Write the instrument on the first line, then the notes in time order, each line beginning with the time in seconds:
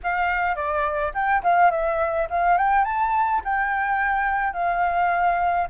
flute
0.03 F5
0.55 D5
1.14 G5
1.43 F5
1.71 E5
2.29 F5
2.57 G5
2.84 A5
3.44 G5
4.53 F5